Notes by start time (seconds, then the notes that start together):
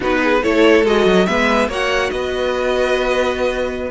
0.00 B3 D#4 F#4 B4
0.23 G#4
0.42 A3 E4 A4 C#5
0.84 G#3 F#4 D#5
1.05 F#3
1.25 G#3 B3 B4 E5
1.68 A#3 F#4 C#5 F#5
2.10 B3 B4 D#5